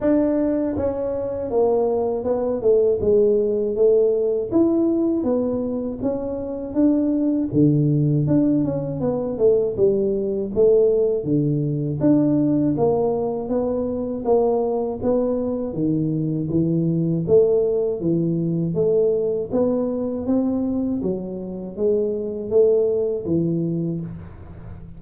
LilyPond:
\new Staff \with { instrumentName = "tuba" } { \time 4/4 \tempo 4 = 80 d'4 cis'4 ais4 b8 a8 | gis4 a4 e'4 b4 | cis'4 d'4 d4 d'8 cis'8 | b8 a8 g4 a4 d4 |
d'4 ais4 b4 ais4 | b4 dis4 e4 a4 | e4 a4 b4 c'4 | fis4 gis4 a4 e4 | }